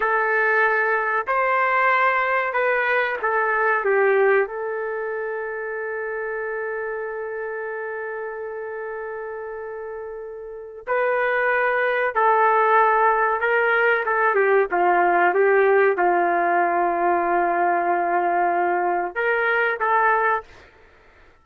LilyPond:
\new Staff \with { instrumentName = "trumpet" } { \time 4/4 \tempo 4 = 94 a'2 c''2 | b'4 a'4 g'4 a'4~ | a'1~ | a'1~ |
a'4 b'2 a'4~ | a'4 ais'4 a'8 g'8 f'4 | g'4 f'2.~ | f'2 ais'4 a'4 | }